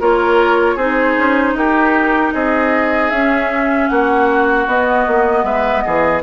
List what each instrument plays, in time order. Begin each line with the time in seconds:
0.00 bassoon A#3, clarinet F4, oboe A#4, flute C#5
0.76 bassoon C4, clarinet D#4, oboe G#4, flute C5
1.18 bassoon C#4
1.53 bassoon D#4, oboe G4, flute A#4
2.33 bassoon C4, oboe G#4, flute D#5
3.11 bassoon C#4, clarinet C#4, flute E5
3.88 bassoon A#3, oboe F#4, flute F#5
4.67 bassoon B3, clarinet B3, flute D#5
5.07 bassoon A#3
5.44 bassoon G#3, oboe B4, flute E5
5.81 bassoon E3, oboe G#4, flute D#5